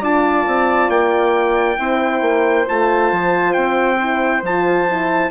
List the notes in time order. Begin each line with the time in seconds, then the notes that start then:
0.00 D4 F4 D5 A5
0.47 C4
0.89 A#3 G5
1.77 C4 E4 C5
2.21 A#3
2.65 A3 F4 A5
3.12 F3
3.53 C4 G5
3.99 E4
4.42 F3 F4 A5
4.88 E4